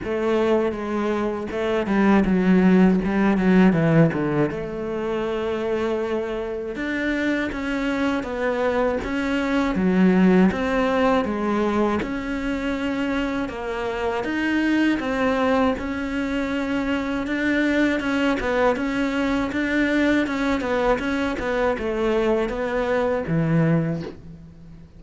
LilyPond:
\new Staff \with { instrumentName = "cello" } { \time 4/4 \tempo 4 = 80 a4 gis4 a8 g8 fis4 | g8 fis8 e8 d8 a2~ | a4 d'4 cis'4 b4 | cis'4 fis4 c'4 gis4 |
cis'2 ais4 dis'4 | c'4 cis'2 d'4 | cis'8 b8 cis'4 d'4 cis'8 b8 | cis'8 b8 a4 b4 e4 | }